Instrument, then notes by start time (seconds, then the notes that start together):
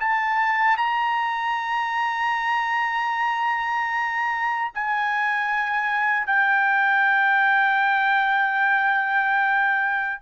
trumpet
0.00 A5
0.77 A#5
4.74 G#5
6.26 G5